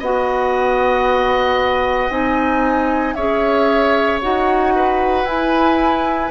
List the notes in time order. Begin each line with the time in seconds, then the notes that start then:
0.00 B3 F#4 D#5 F#5
2.10 C4 D#4 G#5
3.14 C#4 G#4 C#5 E5
4.22 D#4 F#4 F#5
4.76 B4
5.25 E4 G#5